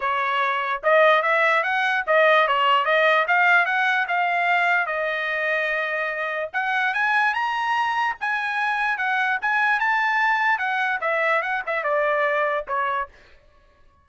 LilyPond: \new Staff \with { instrumentName = "trumpet" } { \time 4/4 \tempo 4 = 147 cis''2 dis''4 e''4 | fis''4 dis''4 cis''4 dis''4 | f''4 fis''4 f''2 | dis''1 |
fis''4 gis''4 ais''2 | gis''2 fis''4 gis''4 | a''2 fis''4 e''4 | fis''8 e''8 d''2 cis''4 | }